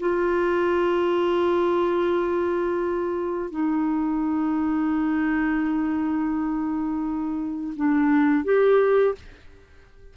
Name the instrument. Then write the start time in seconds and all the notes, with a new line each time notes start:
clarinet
0.00 F4
3.51 D#4
7.76 D4
8.44 G4